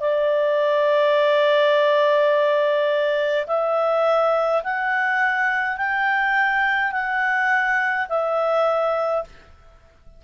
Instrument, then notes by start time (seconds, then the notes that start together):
clarinet
0.00 D5
3.47 E5
4.63 F#5
5.77 G5
6.92 F#5
8.09 E5